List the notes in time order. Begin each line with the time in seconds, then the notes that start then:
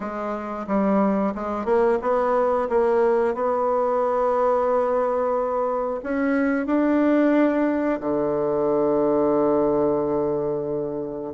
0.00 G#3
0.67 G3
1.35 G#3
1.65 A#3
2.01 B3
2.69 A#3
3.34 B3
6.03 C#4
6.66 D4
8.00 D3